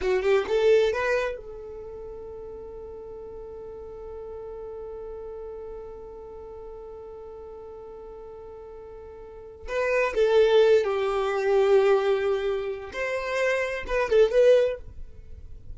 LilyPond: \new Staff \with { instrumentName = "violin" } { \time 4/4 \tempo 4 = 130 fis'8 g'8 a'4 b'4 a'4~ | a'1~ | a'1~ | a'1~ |
a'1~ | a'4 b'4 a'4. g'8~ | g'1 | c''2 b'8 a'8 b'4 | }